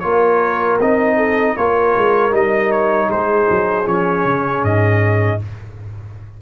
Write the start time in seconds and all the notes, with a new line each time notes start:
0.00 A#3 F4 A#4 C#5
0.79 C4 D#4 D#5
1.17 A4
1.57 A#3 F4 A#4 C#5
1.97 G#3
2.31 G3 D#4 D#5
2.72 C#5
3.09 G#3 G#4 C5
3.50 F#3
3.86 F3 C#4 C#5
4.25 C#3
4.63 G#2 D#5